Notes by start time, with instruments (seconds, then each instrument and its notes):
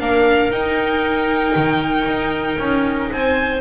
0.00 double bass A#3, viola D4, clarinet A#4, violin F5
0.51 double bass D#4, viola D#4, violin G5
1.56 double bass D#3
2.06 double bass D#4
2.59 double bass C#4
3.11 double bass C4, clarinet C5, violin G#5